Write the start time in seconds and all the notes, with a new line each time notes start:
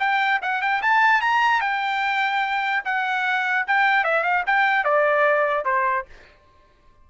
0.00 G5
0.42 F#5
0.62 G5
0.83 A5
1.22 A#5
1.61 G5
2.85 F#5
3.68 G5
4.04 E5
4.24 F5
4.47 G5
4.85 D5
5.65 C5